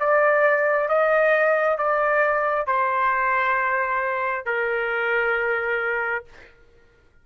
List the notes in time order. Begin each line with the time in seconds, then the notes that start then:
0.00 D5
0.89 D#5
1.78 D5
2.67 C5
4.46 A#4